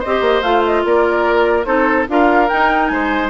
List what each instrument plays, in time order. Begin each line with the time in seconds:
0.00 bassoon C4, clarinet G4, oboe C5, flute D#5
0.21 bassoon A#3
0.42 bassoon A3, clarinet F4, flute F5
0.65 flute D#5
0.84 bassoon A#3, oboe A#4, flute D5
1.65 bassoon C4, clarinet D#4, oboe A4, flute C5
2.08 bassoon D4, clarinet F4, oboe A#4, flute F5
2.49 clarinet D#4, bassoon D#4, flute G5
2.88 bassoon G#3, oboe C5, flute G#5